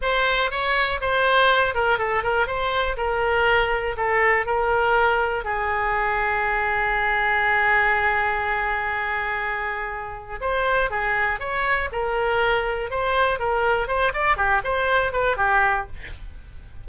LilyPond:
\new Staff \with { instrumentName = "oboe" } { \time 4/4 \tempo 4 = 121 c''4 cis''4 c''4. ais'8 | a'8 ais'8 c''4 ais'2 | a'4 ais'2 gis'4~ | gis'1~ |
gis'1~ | gis'4 c''4 gis'4 cis''4 | ais'2 c''4 ais'4 | c''8 d''8 g'8 c''4 b'8 g'4 | }